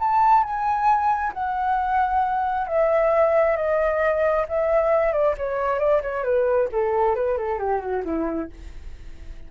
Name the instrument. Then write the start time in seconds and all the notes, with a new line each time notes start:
flute
0.00 A5
0.44 G#5
1.34 F#5
2.68 E5
3.57 D#5
4.49 E5
5.13 D5
5.38 C#5
5.80 D5
6.02 C#5
6.24 B4
6.72 A4
7.16 B4
7.38 A4
7.59 G4
7.81 F#4
8.05 E4